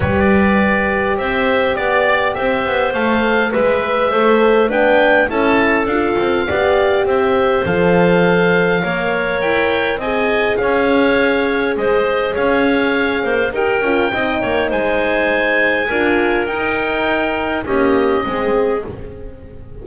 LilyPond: <<
  \new Staff \with { instrumentName = "oboe" } { \time 4/4 \tempo 4 = 102 d''2 e''4 d''4 | e''4 f''4 e''2 | g''4 a''4 f''2 | e''4 f''2. |
g''4 gis''4 f''2 | dis''4 f''2 g''4~ | g''4 gis''2. | g''2 dis''2 | }
  \new Staff \with { instrumentName = "clarinet" } { \time 4/4 b'2 c''4 d''4 | c''2 b'4 c''4 | b'4 a'2 d''4 | c''2. cis''4~ |
cis''4 dis''4 cis''2 | c''4 cis''4. c''8 ais'4 | dis''8 cis''8 c''2 ais'4~ | ais'2 g'4 gis'4 | }
  \new Staff \with { instrumentName = "horn" } { \time 4/4 g'1~ | g'4 a'4 b'4 a'4 | d'4 e'4 f'4 g'4~ | g'4 a'2 ais'4~ |
ais'4 gis'2.~ | gis'2. g'8 f'8 | dis'2. f'4 | dis'2 ais4 c'4 | }
  \new Staff \with { instrumentName = "double bass" } { \time 4/4 g2 c'4 b4 | c'8 b8 a4 gis4 a4 | b4 cis'4 d'8 c'8 b4 | c'4 f2 ais4 |
e'4 c'4 cis'2 | gis4 cis'4. ais8 dis'8 cis'8 | c'8 ais8 gis2 d'4 | dis'2 cis'4 gis4 | }
>>